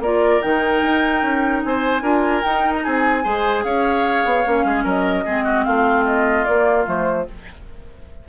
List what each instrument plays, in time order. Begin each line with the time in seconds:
0.00 bassoon A#3, clarinet F4, oboe A#4, flute D5
0.42 bassoon D#3, clarinet D#4, flute G5
0.82 bassoon D#4
1.22 bassoon C#4
1.64 bassoon C4, oboe C5, flute G#5
2.02 bassoon D4, clarinet F4, oboe A#4
2.43 bassoon D#4, clarinet D#4, flute G5
2.76 flute A#5
2.84 bassoon C4, oboe G#4, flute G#5
3.24 bassoon G#3, clarinet G#4, oboe C5
3.64 bassoon C#4, oboe C#5, flute F5
4.25 bassoon B3
4.47 bassoon A#3, clarinet C#4
4.65 bassoon G#3, oboe G#4
4.84 bassoon F#3, oboe A#4, flute D#5
5.26 bassoon G#3, clarinet C4, oboe G#4
5.44 oboe F#4
5.64 bassoon A3, oboe F4, flute F5
6.06 flute D#5
6.45 bassoon A#3, clarinet A#3, flute D5
6.85 bassoon F3, clarinet A3, flute C5